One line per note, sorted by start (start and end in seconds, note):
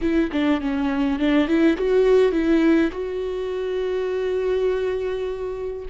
0.01 0.30 E4
0.32 0.60 D4
0.60 1.19 C#4
1.19 1.47 D4
1.47 1.76 E4
1.77 2.32 F#4
2.32 2.90 E4
2.91 5.85 F#4